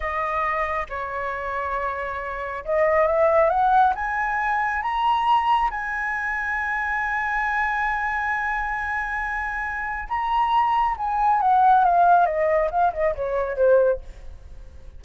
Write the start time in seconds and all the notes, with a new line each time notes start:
0.00 D#5
0.89 C#5
2.64 D#5
3.06 E5
3.49 F#5
3.95 G#5
4.82 A#5
5.70 G#5
10.08 A#5
10.97 G#5
11.40 F#5
11.84 F5
12.26 D#5
12.70 F5
12.93 D#5
13.15 C#5
13.56 C5